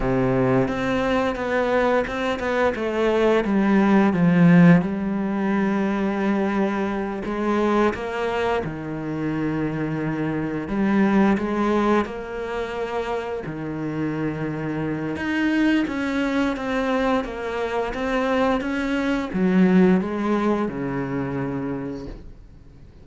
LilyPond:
\new Staff \with { instrumentName = "cello" } { \time 4/4 \tempo 4 = 87 c4 c'4 b4 c'8 b8 | a4 g4 f4 g4~ | g2~ g8 gis4 ais8~ | ais8 dis2. g8~ |
g8 gis4 ais2 dis8~ | dis2 dis'4 cis'4 | c'4 ais4 c'4 cis'4 | fis4 gis4 cis2 | }